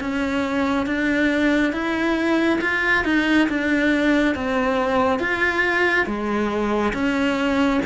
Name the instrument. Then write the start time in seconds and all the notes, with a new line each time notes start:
cello
0.00 C#4
0.86 D4
1.72 E4
2.61 F4
3.04 D#4
3.49 D4
4.35 C4
5.19 F4
6.06 G#3
6.93 C#4